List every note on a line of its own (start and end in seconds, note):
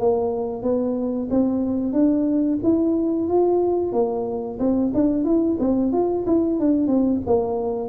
0.00 0.63 A#3
0.63 1.29 B3
1.31 1.93 C4
1.93 2.59 D4
2.64 3.28 E4
3.28 3.93 F4
3.93 4.59 A#3
4.59 4.92 C4
4.94 5.25 D4
5.25 5.58 E4
5.60 5.93 C4
5.93 6.26 F4
6.27 6.60 E4
6.60 6.88 D4
6.88 7.20 C4
7.27 7.89 A#3